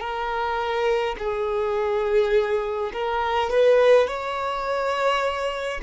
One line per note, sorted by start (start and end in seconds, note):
0.00 1.15 A#4
1.19 2.92 G#4
2.93 3.50 A#4
3.50 4.07 B4
4.07 5.80 C#5